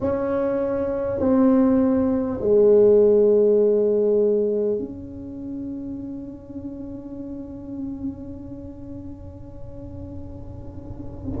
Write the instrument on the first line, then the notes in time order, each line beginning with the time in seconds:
tuba
0.01 C#4
1.19 C4
2.40 G#3
4.78 C#4